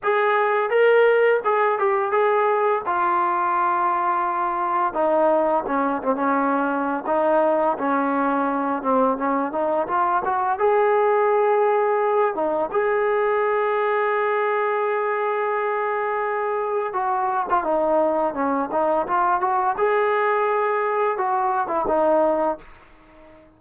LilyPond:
\new Staff \with { instrumentName = "trombone" } { \time 4/4 \tempo 4 = 85 gis'4 ais'4 gis'8 g'8 gis'4 | f'2. dis'4 | cis'8 c'16 cis'4~ cis'16 dis'4 cis'4~ | cis'8 c'8 cis'8 dis'8 f'8 fis'8 gis'4~ |
gis'4. dis'8 gis'2~ | gis'1 | fis'8. f'16 dis'4 cis'8 dis'8 f'8 fis'8 | gis'2 fis'8. e'16 dis'4 | }